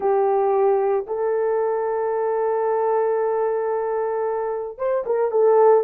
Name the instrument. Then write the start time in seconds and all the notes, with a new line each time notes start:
horn
0.00 G4
1.06 A4
4.77 C5
5.06 A#4
5.31 A4